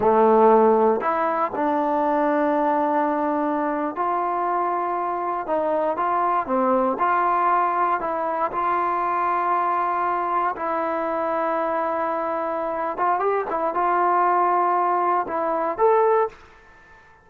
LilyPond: \new Staff \with { instrumentName = "trombone" } { \time 4/4 \tempo 4 = 118 a2 e'4 d'4~ | d'2.~ d'8. f'16~ | f'2~ f'8. dis'4 f'16~ | f'8. c'4 f'2 e'16~ |
e'8. f'2.~ f'16~ | f'8. e'2.~ e'16~ | e'4. f'8 g'8 e'8 f'4~ | f'2 e'4 a'4 | }